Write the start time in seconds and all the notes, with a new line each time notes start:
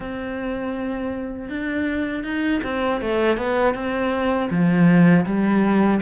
0.00 C4
1.49 D4
2.23 D#4
2.63 C4
3.01 A3
3.37 B3
3.74 C4
4.50 F3
5.25 G3